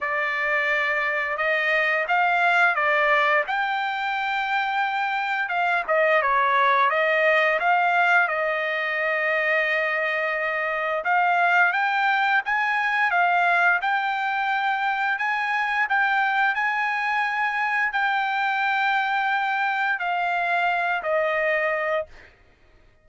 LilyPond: \new Staff \with { instrumentName = "trumpet" } { \time 4/4 \tempo 4 = 87 d''2 dis''4 f''4 | d''4 g''2. | f''8 dis''8 cis''4 dis''4 f''4 | dis''1 |
f''4 g''4 gis''4 f''4 | g''2 gis''4 g''4 | gis''2 g''2~ | g''4 f''4. dis''4. | }